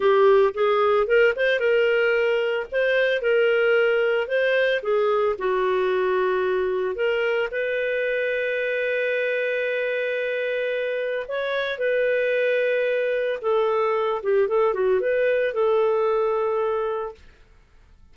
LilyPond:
\new Staff \with { instrumentName = "clarinet" } { \time 4/4 \tempo 4 = 112 g'4 gis'4 ais'8 c''8 ais'4~ | ais'4 c''4 ais'2 | c''4 gis'4 fis'2~ | fis'4 ais'4 b'2~ |
b'1~ | b'4 cis''4 b'2~ | b'4 a'4. g'8 a'8 fis'8 | b'4 a'2. | }